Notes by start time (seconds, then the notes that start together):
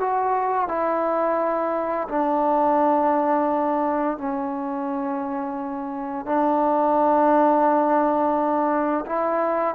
0.00 F#4
0.68 E4
2.09 D4
4.18 C#4
6.26 D4
9.06 E4